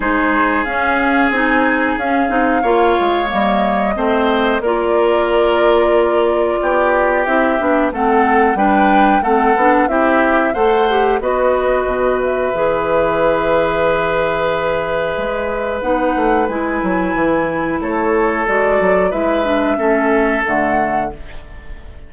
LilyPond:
<<
  \new Staff \with { instrumentName = "flute" } { \time 4/4 \tempo 4 = 91 c''4 f''4 gis''4 f''4~ | f''4 dis''2 d''4~ | d''2. e''4 | fis''4 g''4 fis''4 e''4 |
fis''4 dis''4. e''4.~ | e''1 | fis''4 gis''2 cis''4 | d''4 e''2 fis''4 | }
  \new Staff \with { instrumentName = "oboe" } { \time 4/4 gis'1 | cis''2 c''4 ais'4~ | ais'2 g'2 | a'4 b'4 a'4 g'4 |
c''4 b'2.~ | b'1~ | b'2. a'4~ | a'4 b'4 a'2 | }
  \new Staff \with { instrumentName = "clarinet" } { \time 4/4 dis'4 cis'4 dis'4 cis'8 dis'8 | f'4 ais4 c'4 f'4~ | f'2. e'8 d'8 | c'4 d'4 c'8 d'8 e'4 |
a'8 g'8 fis'2 gis'4~ | gis'1 | dis'4 e'2. | fis'4 e'8 d'8 cis'4 a4 | }
  \new Staff \with { instrumentName = "bassoon" } { \time 4/4 gis4 cis'4 c'4 cis'8 c'8 | ais8 gis8 g4 a4 ais4~ | ais2 b4 c'8 b8 | a4 g4 a8 b8 c'4 |
a4 b4 b,4 e4~ | e2. gis4 | b8 a8 gis8 fis8 e4 a4 | gis8 fis8 gis4 a4 d4 | }
>>